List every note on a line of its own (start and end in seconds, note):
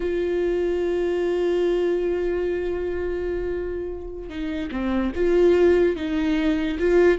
0.00 4.29 F4
4.29 4.70 D#4
4.71 5.12 C4
5.15 5.96 F4
5.96 6.78 D#4
6.79 7.18 F4